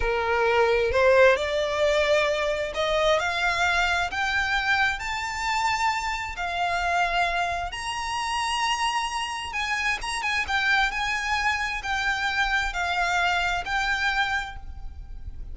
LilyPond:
\new Staff \with { instrumentName = "violin" } { \time 4/4 \tempo 4 = 132 ais'2 c''4 d''4~ | d''2 dis''4 f''4~ | f''4 g''2 a''4~ | a''2 f''2~ |
f''4 ais''2.~ | ais''4 gis''4 ais''8 gis''8 g''4 | gis''2 g''2 | f''2 g''2 | }